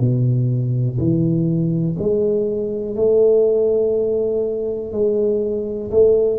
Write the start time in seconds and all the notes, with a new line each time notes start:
0.00 B2
0.99 E3
1.99 G#3
2.96 A3
4.93 G#3
5.91 A3